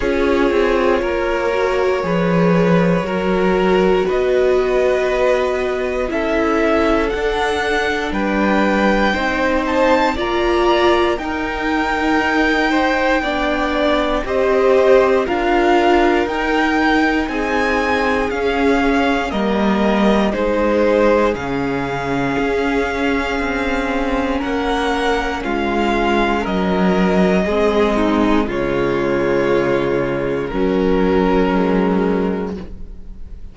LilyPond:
<<
  \new Staff \with { instrumentName = "violin" } { \time 4/4 \tempo 4 = 59 cis''1 | dis''2 e''4 fis''4 | g''4. a''8 ais''4 g''4~ | g''2 dis''4 f''4 |
g''4 gis''4 f''4 dis''4 | c''4 f''2. | fis''4 f''4 dis''2 | cis''2 ais'2 | }
  \new Staff \with { instrumentName = "violin" } { \time 4/4 gis'4 ais'4 b'4 ais'4 | b'2 a'2 | b'4 c''4 d''4 ais'4~ | ais'8 c''8 d''4 c''4 ais'4~ |
ais'4 gis'2 ais'4 | gis'1 | ais'4 f'4 ais'4 gis'8 dis'8 | f'2 cis'2 | }
  \new Staff \with { instrumentName = "viola" } { \time 4/4 f'4. fis'8 gis'4 fis'4~ | fis'2 e'4 d'4~ | d'4 dis'4 f'4 dis'4~ | dis'4 d'4 g'4 f'4 |
dis'2 cis'4 ais4 | dis'4 cis'2.~ | cis'2. c'4 | gis2 fis4 gis4 | }
  \new Staff \with { instrumentName = "cello" } { \time 4/4 cis'8 c'8 ais4 f4 fis4 | b2 cis'4 d'4 | g4 c'4 ais4 dis'4~ | dis'4 b4 c'4 d'4 |
dis'4 c'4 cis'4 g4 | gis4 cis4 cis'4 c'4 | ais4 gis4 fis4 gis4 | cis2 fis2 | }
>>